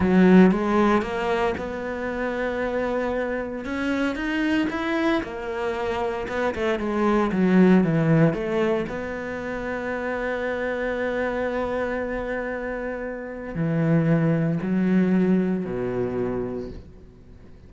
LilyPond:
\new Staff \with { instrumentName = "cello" } { \time 4/4 \tempo 4 = 115 fis4 gis4 ais4 b4~ | b2. cis'4 | dis'4 e'4 ais2 | b8 a8 gis4 fis4 e4 |
a4 b2.~ | b1~ | b2 e2 | fis2 b,2 | }